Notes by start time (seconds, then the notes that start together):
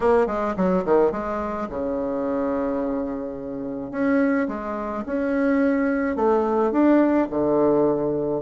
0.00 A#3
0.27 G#3
0.56 F#3
0.84 D#3
1.11 G#3
1.69 C#3
3.91 C#4
4.48 G#3
5.06 C#4
6.16 A3
6.71 D4
7.30 D3